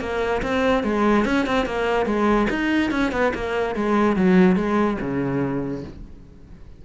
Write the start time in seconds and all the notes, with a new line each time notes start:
0.00 A#3
0.42 C4
0.84 G#3
1.25 C#4
1.46 C4
1.66 A#3
2.06 G#3
2.50 D#4
2.91 C#4
3.12 B3
3.34 A#3
3.76 G#3
4.16 F#3
4.56 G#3
5.01 C#3